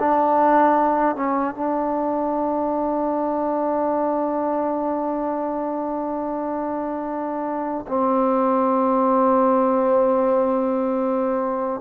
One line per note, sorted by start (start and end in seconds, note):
0.00 1.16 D4
1.16 1.55 C#4
1.55 7.86 D4
7.88 11.81 C4